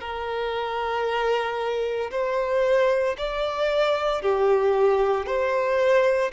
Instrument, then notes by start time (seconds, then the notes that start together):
violin
0.00 A#4
2.11 C5
3.18 D5
4.22 G4
5.26 C5